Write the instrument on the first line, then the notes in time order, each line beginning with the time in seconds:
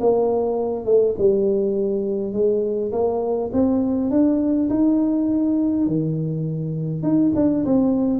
tuba
0.00 A#3
0.85 A3
1.18 G3
2.33 G#3
2.92 A#3
3.53 C4
4.10 D4
4.70 D#4
5.87 D#3
7.03 D#4
7.35 D4
7.65 C4